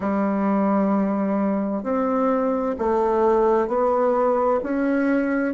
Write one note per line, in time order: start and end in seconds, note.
0.00 1.83 G3
1.83 2.75 C4
2.78 3.67 A3
3.67 4.59 B3
4.63 5.54 C#4